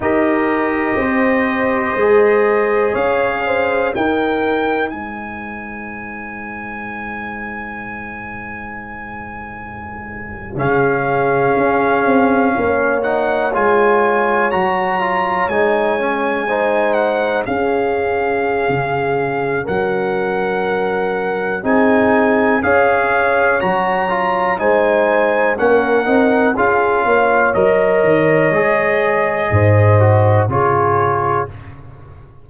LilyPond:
<<
  \new Staff \with { instrumentName = "trumpet" } { \time 4/4 \tempo 4 = 61 dis''2. f''4 | g''4 gis''2.~ | gis''2~ gis''8. f''4~ f''16~ | f''4~ f''16 fis''8 gis''4 ais''4 gis''16~ |
gis''4~ gis''16 fis''8 f''2~ f''16 | fis''2 gis''4 f''4 | ais''4 gis''4 fis''4 f''4 | dis''2. cis''4 | }
  \new Staff \with { instrumentName = "horn" } { \time 4/4 ais'4 c''2 cis''8 c''8 | ais'4 c''2.~ | c''2~ c''8. gis'4~ gis'16~ | gis'8. cis''2.~ cis''16~ |
cis''8. c''4 gis'2~ gis'16 | ais'2 gis'4 cis''4~ | cis''4 c''4 ais'4 gis'8 cis''8~ | cis''2 c''4 gis'4 | }
  \new Staff \with { instrumentName = "trombone" } { \time 4/4 g'2 gis'2 | dis'1~ | dis'2~ dis'8. cis'4~ cis'16~ | cis'4~ cis'16 dis'8 f'4 fis'8 f'8 dis'16~ |
dis'16 cis'8 dis'4 cis'2~ cis'16~ | cis'2 dis'4 gis'4 | fis'8 f'8 dis'4 cis'8 dis'8 f'4 | ais'4 gis'4. fis'8 f'4 | }
  \new Staff \with { instrumentName = "tuba" } { \time 4/4 dis'4 c'4 gis4 cis'4 | dis'4 gis2.~ | gis2~ gis8. cis4 cis'16~ | cis'16 c'8 ais4 gis4 fis4 gis16~ |
gis4.~ gis16 cis'4~ cis'16 cis4 | fis2 c'4 cis'4 | fis4 gis4 ais8 c'8 cis'8 ais8 | fis8 dis8 gis4 gis,4 cis4 | }
>>